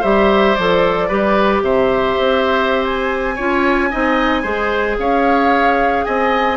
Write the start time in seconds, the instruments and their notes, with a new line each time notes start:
0.00 bassoon G3, clarinet G4, oboe C5, flute E5
0.54 bassoon F3, clarinet A4, flute D5
1.08 bassoon G3, clarinet G4, oboe B4
1.62 bassoon C3, oboe C5, flute E5
2.18 bassoon C4
2.83 flute G#5
3.35 bassoon C#4, clarinet F4, oboe C#5
3.90 bassoon C4, clarinet D#4, oboe D#5
4.42 bassoon G#3, clarinet G#4, oboe C5
4.97 bassoon C#4, oboe C#5, flute F5
6.04 bassoon C4, oboe D#5, flute G#5